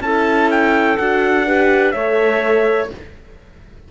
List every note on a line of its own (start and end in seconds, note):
0.00 0.97 C#4
0.00 0.98 E4
0.00 1.46 A4
0.00 0.50 A5
0.50 0.97 G5
0.97 1.93 D4
0.97 1.46 F#4
0.97 1.91 F#5
1.46 1.94 G4
1.46 1.93 B4
1.91 2.90 A3
1.91 2.90 A4
1.91 2.90 C#5
1.91 2.87 E5